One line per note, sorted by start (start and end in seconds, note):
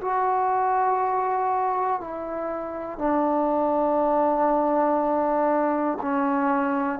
0.00 2.00 F#4
2.00 2.98 E4
2.98 5.98 D4
6.01 6.99 C#4